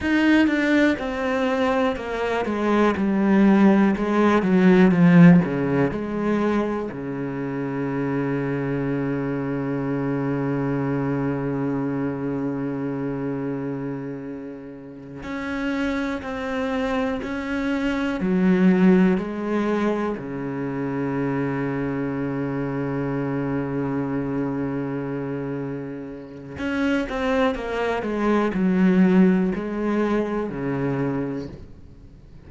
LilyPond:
\new Staff \with { instrumentName = "cello" } { \time 4/4 \tempo 4 = 61 dis'8 d'8 c'4 ais8 gis8 g4 | gis8 fis8 f8 cis8 gis4 cis4~ | cis1~ | cis2.~ cis8 cis'8~ |
cis'8 c'4 cis'4 fis4 gis8~ | gis8 cis2.~ cis8~ | cis2. cis'8 c'8 | ais8 gis8 fis4 gis4 cis4 | }